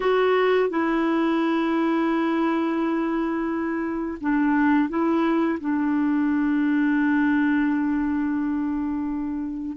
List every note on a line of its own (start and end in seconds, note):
0.00 0.69 F#4
0.69 4.18 E4
4.21 4.89 D4
4.89 5.58 E4
5.60 9.77 D4